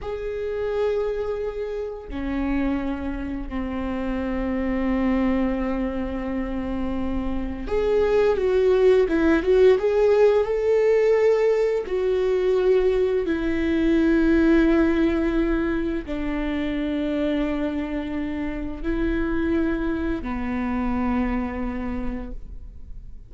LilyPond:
\new Staff \with { instrumentName = "viola" } { \time 4/4 \tempo 4 = 86 gis'2. cis'4~ | cis'4 c'2.~ | c'2. gis'4 | fis'4 e'8 fis'8 gis'4 a'4~ |
a'4 fis'2 e'4~ | e'2. d'4~ | d'2. e'4~ | e'4 b2. | }